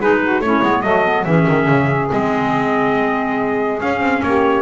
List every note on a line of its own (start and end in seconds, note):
0.00 0.40 G#3
0.00 0.43 D#4
0.00 0.21 G#4
0.00 0.41 B4
0.22 0.43 F#4
0.40 0.61 A3
0.40 0.62 C#4
0.40 0.82 E4
0.40 0.82 C#5
0.62 0.83 G#3
0.62 0.83 B3
0.82 1.25 F#3
0.82 1.04 A3
0.82 1.24 A4
0.82 1.24 D#5
1.05 1.26 B3
1.24 1.47 E3
1.24 2.10 C#4
1.24 4.22 G#4
1.24 2.09 E5
1.48 1.68 D#3
1.68 2.10 C#3
2.10 3.82 G#3
2.10 3.79 C4
2.10 3.81 D#5
3.81 4.62 C#4
3.81 4.00 C#4
3.81 4.23 F5
4.00 4.21 C4
4.23 4.62 A#3
4.23 4.62 G4
4.23 4.62 C#5